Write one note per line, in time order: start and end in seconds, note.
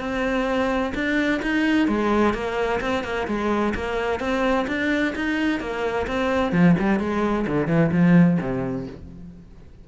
0.00 0.93 C4
0.95 1.41 D4
1.42 1.88 D#4
1.88 2.34 G#3
2.34 2.81 A#3
2.81 3.04 C4
3.04 3.27 A#3
3.27 3.74 G#3
3.75 4.20 A#3
4.20 4.67 C4
4.68 5.14 D4
5.16 5.60 D#4
5.60 6.07 A#3
6.07 6.52 C4
6.52 6.76 F3
6.80 7.00 G3
7.00 7.46 G#3
7.47 7.68 D3
7.68 7.91 E3
7.92 8.39 F3
8.41 8.87 C3